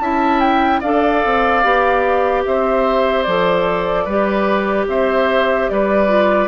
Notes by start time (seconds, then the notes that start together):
0.00 C#4 E4 E5 A5
0.40 G5
0.80 D4 A4 D5 F5
1.25 C4
1.64 B3 G4
2.46 C4 C5 E5
3.23 F3 A4 D5
4.05 G3 G4 B4
4.88 C4 C5 E5
5.70 G3 B4 D5
6.08 F4